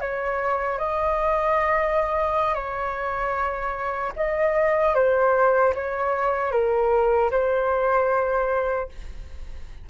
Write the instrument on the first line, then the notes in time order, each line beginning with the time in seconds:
flute
0.00 C#5
0.78 D#5
2.54 C#5
4.16 D#5
4.94 C5
5.75 C#5
6.51 A#4
7.31 C5